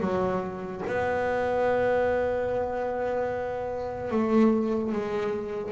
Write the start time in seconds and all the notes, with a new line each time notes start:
0.00 F#3
0.87 B3
4.11 A3
4.92 G#3